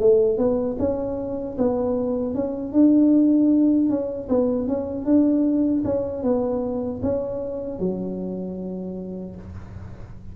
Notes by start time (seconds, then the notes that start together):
0.00 A3
0.38 B3
0.79 C#4
1.58 B3
2.35 C#4
2.73 D4
3.90 C#4
4.29 B3
4.68 C#4
5.05 D4
5.85 C#4
6.23 B3
7.03 C#4
7.80 F#3